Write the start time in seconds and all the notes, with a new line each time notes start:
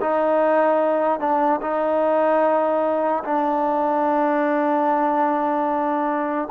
0.00 D#4
1.19 D4
1.61 D#4
3.24 D4